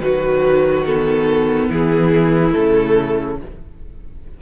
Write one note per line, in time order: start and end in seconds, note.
0.00 1.69 D#3
0.00 0.86 F#3
0.00 1.68 F#4
0.00 0.85 B4
0.86 2.51 B3
0.86 1.70 A4
1.68 2.54 E3
1.68 3.37 E4
1.68 2.53 G#4
2.51 3.41 C#3
2.51 3.35 A3
2.51 3.38 A4